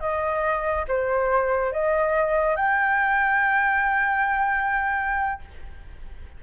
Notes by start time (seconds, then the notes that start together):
0.00 D#5
0.88 C5
1.72 D#5
2.56 G5